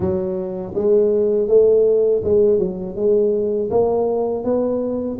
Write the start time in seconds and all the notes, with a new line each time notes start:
0.00 F#3
0.74 G#3
1.48 A3
2.24 G#3
2.58 F#3
2.95 G#3
3.70 A#3
4.43 B3